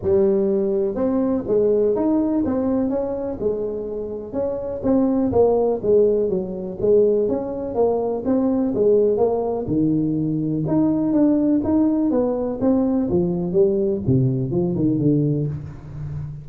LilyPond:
\new Staff \with { instrumentName = "tuba" } { \time 4/4 \tempo 4 = 124 g2 c'4 gis4 | dis'4 c'4 cis'4 gis4~ | gis4 cis'4 c'4 ais4 | gis4 fis4 gis4 cis'4 |
ais4 c'4 gis4 ais4 | dis2 dis'4 d'4 | dis'4 b4 c'4 f4 | g4 c4 f8 dis8 d4 | }